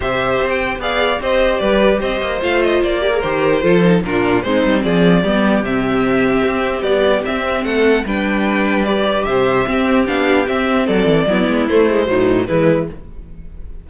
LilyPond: <<
  \new Staff \with { instrumentName = "violin" } { \time 4/4 \tempo 4 = 149 e''4~ e''16 g''8. f''4 dis''4 | d''4 dis''4 f''8 dis''8 d''4 | c''2 ais'4 c''4 | d''2 e''2~ |
e''4 d''4 e''4 fis''4 | g''2 d''4 e''4~ | e''4 f''4 e''4 d''4~ | d''4 c''2 b'4 | }
  \new Staff \with { instrumentName = "violin" } { \time 4/4 c''2 d''4 c''4 | b'4 c''2~ c''8 ais'8~ | ais'4 a'4 f'4 dis'4 | gis'4 g'2.~ |
g'2. a'4 | b'2. c''4 | g'2. a'4 | e'2 dis'4 e'4 | }
  \new Staff \with { instrumentName = "viola" } { \time 4/4 g'2 gis'4 g'4~ | g'2 f'4. g'16 gis'16 | g'4 f'8 dis'8 d'4 c'4~ | c'4 b4 c'2~ |
c'4 g4 c'2 | d'2 g'2 | c'4 d'4 c'2 | b4 a8 gis8 fis4 gis4 | }
  \new Staff \with { instrumentName = "cello" } { \time 4/4 c4 c'4 b4 c'4 | g4 c'8 ais8 a4 ais4 | dis4 f4 ais,4 gis8 g8 | f4 g4 c2 |
c'4 b4 c'4 a4 | g2. c4 | c'4 b4 c'4 fis8 e8 | fis8 gis8 a4 a,4 e4 | }
>>